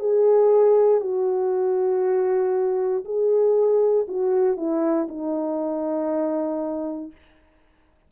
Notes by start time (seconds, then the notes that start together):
0.00 G#4
1.01 F#4
3.05 G#4
4.08 F#4
4.57 E4
5.08 D#4